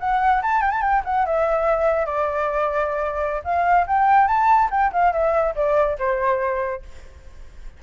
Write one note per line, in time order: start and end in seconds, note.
0.00 0.42 F#5
0.43 0.61 A5
0.61 0.72 G5
0.72 0.82 A5
0.82 1.03 G5
1.05 1.26 F#5
1.26 2.06 E5
2.06 3.42 D5
3.45 3.87 F5
3.87 4.28 G5
4.28 4.70 A5
4.71 4.92 G5
4.93 5.13 F5
5.13 5.55 E5
5.56 5.98 D5
5.99 6.83 C5